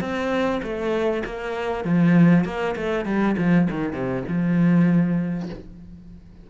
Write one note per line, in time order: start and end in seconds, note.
0.00 0.61 C4
0.62 1.23 A3
1.25 1.84 A#3
1.84 2.44 F3
2.44 2.75 A#3
2.75 3.05 A3
3.05 3.35 G3
3.37 3.67 F3
3.70 3.93 D#3
3.93 4.23 C3
4.28 5.49 F3